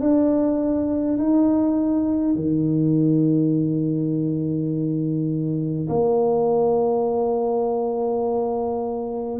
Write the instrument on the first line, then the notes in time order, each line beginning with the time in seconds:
tuba
0.00 D4
1.17 D#4
2.35 D#3
5.89 A#3